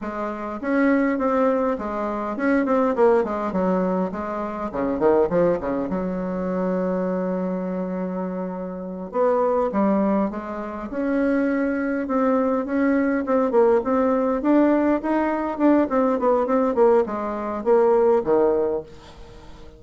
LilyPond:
\new Staff \with { instrumentName = "bassoon" } { \time 4/4 \tempo 4 = 102 gis4 cis'4 c'4 gis4 | cis'8 c'8 ais8 gis8 fis4 gis4 | cis8 dis8 f8 cis8 fis2~ | fis2.~ fis8 b8~ |
b8 g4 gis4 cis'4.~ | cis'8 c'4 cis'4 c'8 ais8 c'8~ | c'8 d'4 dis'4 d'8 c'8 b8 | c'8 ais8 gis4 ais4 dis4 | }